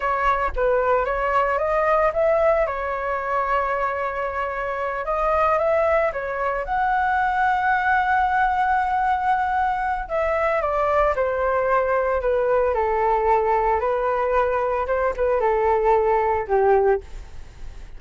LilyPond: \new Staff \with { instrumentName = "flute" } { \time 4/4 \tempo 4 = 113 cis''4 b'4 cis''4 dis''4 | e''4 cis''2.~ | cis''4. dis''4 e''4 cis''8~ | cis''8 fis''2.~ fis''8~ |
fis''2. e''4 | d''4 c''2 b'4 | a'2 b'2 | c''8 b'8 a'2 g'4 | }